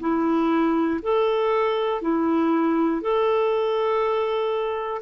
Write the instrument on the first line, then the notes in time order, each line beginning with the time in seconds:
clarinet
0.00 E4
1.02 A4
2.01 E4
3.01 A4